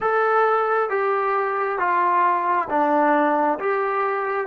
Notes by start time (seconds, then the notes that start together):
0.00 A4
0.90 G4
1.79 F4
2.69 D4
3.59 G4